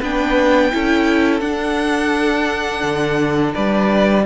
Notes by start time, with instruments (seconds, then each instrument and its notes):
0.00 cello B3, viola D4, violin B4 G5
0.72 cello C#4, viola E4, violin A4
1.40 viola D4, cello D4, violin F#5
2.83 cello D3
3.55 cello G3, violin B4 D5